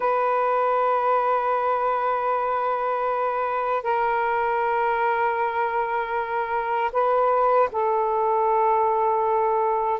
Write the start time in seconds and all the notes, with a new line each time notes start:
0.00 B4
3.83 A#4
6.92 B4
7.71 A4